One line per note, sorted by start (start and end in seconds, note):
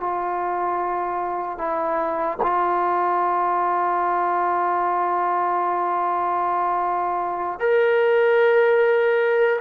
0.00 1.58 F4
1.58 2.38 E4
2.42 7.60 F4
7.60 9.60 A#4